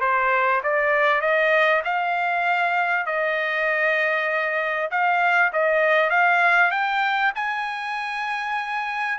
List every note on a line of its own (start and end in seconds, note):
0.00 0.61 C5
0.63 1.21 D5
1.21 1.82 D#5
1.84 3.06 F5
3.06 4.90 D#5
4.91 5.52 F5
5.53 6.10 D#5
6.10 6.71 F5
6.71 7.32 G5
7.35 9.18 G#5